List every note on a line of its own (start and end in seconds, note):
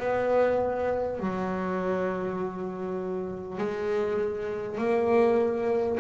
0.00 1.20 B3
1.20 3.59 F#3
3.59 4.79 G#3
4.79 5.99 A#3